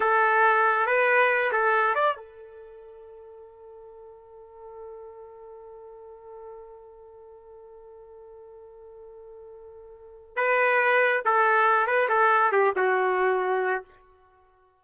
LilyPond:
\new Staff \with { instrumentName = "trumpet" } { \time 4/4 \tempo 4 = 139 a'2 b'4. a'8~ | a'8 d''8 a'2.~ | a'1~ | a'1~ |
a'1~ | a'1 | b'2 a'4. b'8 | a'4 g'8 fis'2~ fis'8 | }